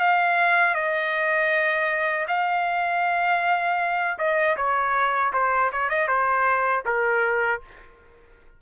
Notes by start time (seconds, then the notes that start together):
0.00 F5
0.75 D#5
2.29 F5
4.18 D#5
4.57 C#5
5.34 C5
5.72 C#5
5.90 D#5
6.08 C5
6.86 A#4